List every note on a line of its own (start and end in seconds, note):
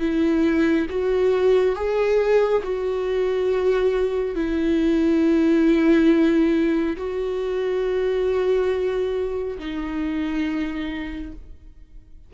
0.00 0.87 E4
0.90 1.76 F#4
1.76 2.63 G#4
2.64 4.36 F#4
4.36 6.96 E4
6.97 9.58 F#4
9.59 11.33 D#4